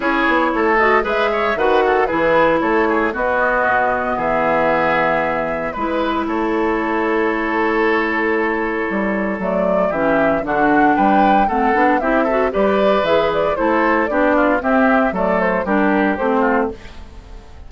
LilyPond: <<
  \new Staff \with { instrumentName = "flute" } { \time 4/4 \tempo 4 = 115 cis''4. dis''8 e''4 fis''4 | b'4 cis''4 dis''2 | e''2. b'4 | cis''1~ |
cis''2 d''4 e''4 | fis''4 g''4 fis''4 e''4 | d''4 e''8 d''8 c''4 d''4 | e''4 d''8 c''8 ais'4 c''4 | }
  \new Staff \with { instrumentName = "oboe" } { \time 4/4 gis'4 a'4 b'8 cis''8 b'8 a'8 | gis'4 a'8 gis'8 fis'2 | gis'2. b'4 | a'1~ |
a'2. g'4 | fis'4 b'4 a'4 g'8 a'8 | b'2 a'4 g'8 f'8 | g'4 a'4 g'4. f'8 | }
  \new Staff \with { instrumentName = "clarinet" } { \time 4/4 e'4. fis'8 gis'4 fis'4 | e'2 b2~ | b2. e'4~ | e'1~ |
e'2 a4 cis'4 | d'2 c'8 d'8 e'8 fis'8 | g'4 gis'4 e'4 d'4 | c'4 a4 d'4 c'4 | }
  \new Staff \with { instrumentName = "bassoon" } { \time 4/4 cis'8 b8 a4 gis4 dis4 | e4 a4 b4 b,4 | e2. gis4 | a1~ |
a4 g4 fis4 e4 | d4 g4 a8 b8 c'4 | g4 e4 a4 b4 | c'4 fis4 g4 a4 | }
>>